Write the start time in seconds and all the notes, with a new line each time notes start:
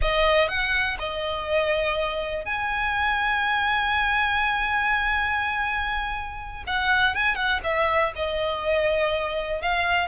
0.01 D#5
0.48 F#5
0.99 D#5
2.45 G#5
6.66 F#5
7.14 G#5
7.35 F#5
7.63 E5
8.15 D#5
9.61 F5